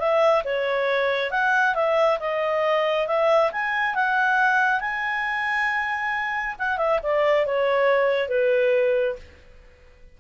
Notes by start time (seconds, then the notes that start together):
0.00 E5
0.45 C#5
1.31 F#5
1.75 E5
2.20 D#5
3.08 E5
3.52 G#5
3.95 F#5
4.81 G#5
6.59 F#5
6.78 E5
7.04 D5
7.47 C#5
8.29 B4